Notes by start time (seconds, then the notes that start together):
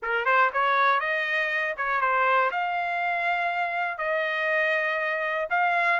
0.02 A#4
0.25 C5
0.53 C#5
1.00 D#5
1.77 C#5
2.00 C5
2.51 F5
3.98 D#5
5.50 F5